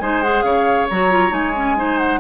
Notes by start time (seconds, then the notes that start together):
0.00 G#3 D#4 C5 G#5
0.22 G#4 F#5
0.42 C#3 C#5 F5
0.90 F#3 F#4 A#5
1.10 F4
1.29 G#3 D#4 G#5
1.56 C#4
1.76 D#4 C5
1.98 F#5